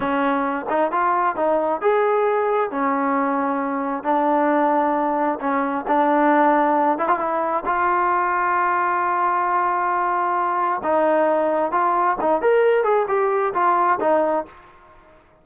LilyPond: \new Staff \with { instrumentName = "trombone" } { \time 4/4 \tempo 4 = 133 cis'4. dis'8 f'4 dis'4 | gis'2 cis'2~ | cis'4 d'2. | cis'4 d'2~ d'8 e'16 f'16 |
e'4 f'2.~ | f'1 | dis'2 f'4 dis'8 ais'8~ | ais'8 gis'8 g'4 f'4 dis'4 | }